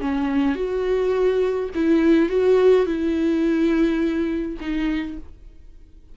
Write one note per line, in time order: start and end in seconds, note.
0.00 0.55 C#4
0.55 1.69 F#4
1.75 2.29 E4
2.29 2.86 F#4
2.86 4.57 E4
4.60 5.17 D#4